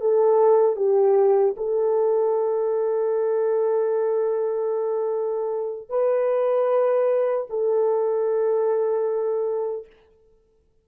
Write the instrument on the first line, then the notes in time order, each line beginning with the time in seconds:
horn
0.00 A4
0.76 G4
1.56 A4
5.89 B4
7.49 A4